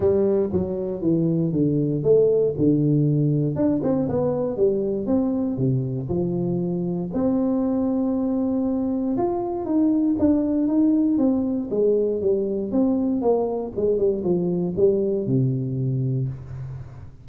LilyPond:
\new Staff \with { instrumentName = "tuba" } { \time 4/4 \tempo 4 = 118 g4 fis4 e4 d4 | a4 d2 d'8 c'8 | b4 g4 c'4 c4 | f2 c'2~ |
c'2 f'4 dis'4 | d'4 dis'4 c'4 gis4 | g4 c'4 ais4 gis8 g8 | f4 g4 c2 | }